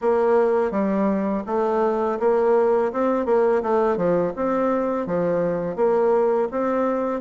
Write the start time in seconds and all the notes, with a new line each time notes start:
0.01 A#3
0.71 G3
1.46 A3
2.19 A#3
2.92 C4
3.25 A#3
3.62 A3
3.96 F3
4.36 C4
5.06 F3
5.76 A#3
6.51 C4